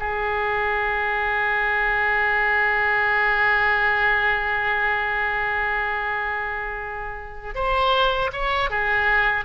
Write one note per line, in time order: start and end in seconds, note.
0.00 7.55 G#4
7.55 8.31 C5
8.33 8.70 C#5
8.70 9.45 G#4